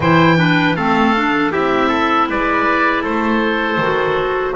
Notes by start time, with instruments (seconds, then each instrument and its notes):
0.00 double bass E3, clarinet E4, trumpet C5, oboe G5
0.37 clarinet D4, trumpet B4
0.75 double bass A3, clarinet C4, trumpet A4, oboe F5
1.15 clarinet D4
1.51 double bass C4, clarinet E4, trumpet G4, oboe E5
1.88 trumpet A4
2.29 double bass G#3, trumpet B4, oboe D5
3.02 double bass A3, trumpet A4, oboe C5
3.77 double bass D#3, clarinet F#4